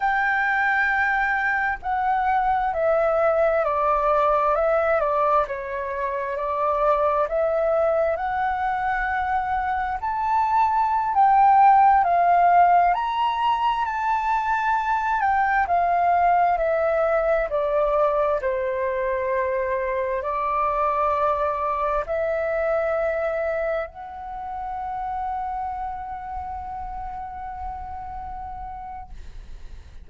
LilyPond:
\new Staff \with { instrumentName = "flute" } { \time 4/4 \tempo 4 = 66 g''2 fis''4 e''4 | d''4 e''8 d''8 cis''4 d''4 | e''4 fis''2 a''4~ | a''16 g''4 f''4 ais''4 a''8.~ |
a''8. g''8 f''4 e''4 d''8.~ | d''16 c''2 d''4.~ d''16~ | d''16 e''2 fis''4.~ fis''16~ | fis''1 | }